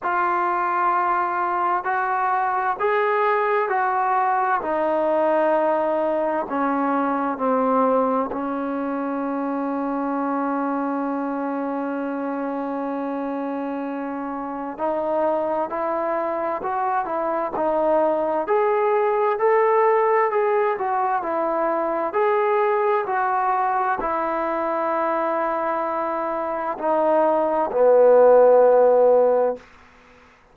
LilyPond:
\new Staff \with { instrumentName = "trombone" } { \time 4/4 \tempo 4 = 65 f'2 fis'4 gis'4 | fis'4 dis'2 cis'4 | c'4 cis'2.~ | cis'1 |
dis'4 e'4 fis'8 e'8 dis'4 | gis'4 a'4 gis'8 fis'8 e'4 | gis'4 fis'4 e'2~ | e'4 dis'4 b2 | }